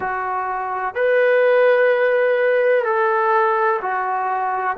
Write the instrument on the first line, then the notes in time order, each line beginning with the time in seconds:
trombone
0.00 F#4
0.94 B4
2.84 A4
3.81 F#4